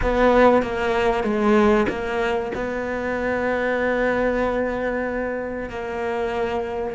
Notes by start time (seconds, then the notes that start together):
0.01 B3
0.62 A#3
1.23 G#3
1.88 A#3
2.54 B3
5.69 A#3